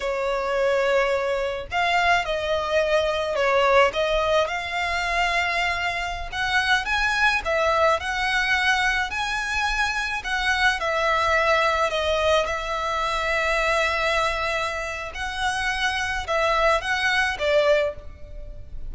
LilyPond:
\new Staff \with { instrumentName = "violin" } { \time 4/4 \tempo 4 = 107 cis''2. f''4 | dis''2 cis''4 dis''4 | f''2.~ f''16 fis''8.~ | fis''16 gis''4 e''4 fis''4.~ fis''16~ |
fis''16 gis''2 fis''4 e''8.~ | e''4~ e''16 dis''4 e''4.~ e''16~ | e''2. fis''4~ | fis''4 e''4 fis''4 d''4 | }